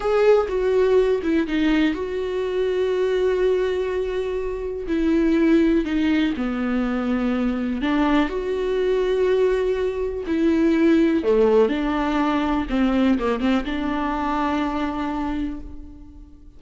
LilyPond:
\new Staff \with { instrumentName = "viola" } { \time 4/4 \tempo 4 = 123 gis'4 fis'4. e'8 dis'4 | fis'1~ | fis'2 e'2 | dis'4 b2. |
d'4 fis'2.~ | fis'4 e'2 a4 | d'2 c'4 ais8 c'8 | d'1 | }